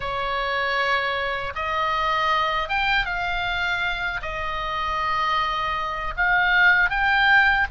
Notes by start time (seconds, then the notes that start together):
0.00 C#5
1.55 D#5
2.69 G5
3.05 F5
4.21 D#5
6.16 F5
6.90 G5